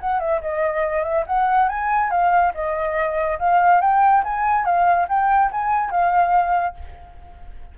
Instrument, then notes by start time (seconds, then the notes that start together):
flute
0.00 F#5
0.19 E5
0.41 D#5
1.03 E5
1.26 F#5
1.68 G#5
2.10 F5
2.54 D#5
3.39 F5
3.81 G5
4.23 G#5
4.64 F5
5.08 G5
5.51 G#5
5.90 F5